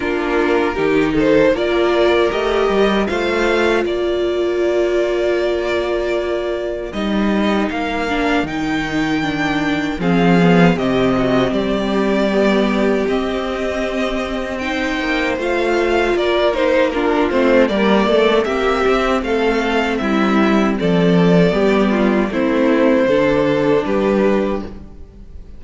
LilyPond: <<
  \new Staff \with { instrumentName = "violin" } { \time 4/4 \tempo 4 = 78 ais'4. c''8 d''4 dis''4 | f''4 d''2.~ | d''4 dis''4 f''4 g''4~ | g''4 f''4 dis''4 d''4~ |
d''4 dis''2 g''4 | f''4 d''8 c''8 ais'8 c''8 d''4 | e''4 f''4 e''4 d''4~ | d''4 c''2 b'4 | }
  \new Staff \with { instrumentName = "violin" } { \time 4/4 f'4 g'8 a'8 ais'2 | c''4 ais'2.~ | ais'1~ | ais'4 gis'4 g'8 fis'8 g'4~ |
g'2. c''4~ | c''4 ais'4 f'4 ais'8 a'8 | g'4 a'4 e'4 a'4 | g'8 f'8 e'4 a'4 g'4 | }
  \new Staff \with { instrumentName = "viola" } { \time 4/4 d'4 dis'4 f'4 g'4 | f'1~ | f'4 dis'4. d'8 dis'4 | d'4 c'8 b8 c'2 |
b4 c'2 dis'4 | f'4. dis'8 d'8 c'8 ais4 | c'1 | b4 c'4 d'2 | }
  \new Staff \with { instrumentName = "cello" } { \time 4/4 ais4 dis4 ais4 a8 g8 | a4 ais2.~ | ais4 g4 ais4 dis4~ | dis4 f4 c4 g4~ |
g4 c'2~ c'8 ais8 | a4 ais4. a8 g8 a8 | ais8 c'8 a4 g4 f4 | g4 a4 d4 g4 | }
>>